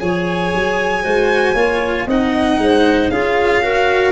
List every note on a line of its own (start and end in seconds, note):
0.00 0.53 F3
0.00 1.03 G#4
0.00 1.03 C#5
0.00 2.07 G#5
0.54 1.05 F#3
1.03 1.54 G#3
1.03 1.55 F#4
1.03 1.55 C5
1.54 2.06 A#3
1.54 2.08 F4
1.54 2.07 C#5
2.06 2.58 C4
2.06 3.12 D#4
2.06 2.59 D#5
2.06 3.10 F#5
2.58 3.10 G#3
2.58 3.12 C5
3.10 4.11 C#4
3.10 3.62 F4
3.10 3.63 G#4
3.10 4.11 F5
3.62 4.11 F#4
3.62 4.11 A#4